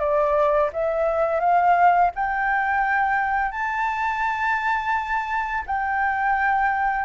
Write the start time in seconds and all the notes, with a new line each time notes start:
0.00 D5
0.73 E5
1.40 F5
2.15 G5
3.52 A5
5.67 G5